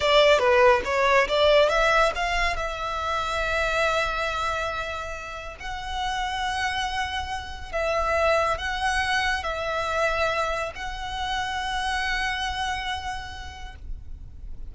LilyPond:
\new Staff \with { instrumentName = "violin" } { \time 4/4 \tempo 4 = 140 d''4 b'4 cis''4 d''4 | e''4 f''4 e''2~ | e''1~ | e''4 fis''2.~ |
fis''2 e''2 | fis''2 e''2~ | e''4 fis''2.~ | fis''1 | }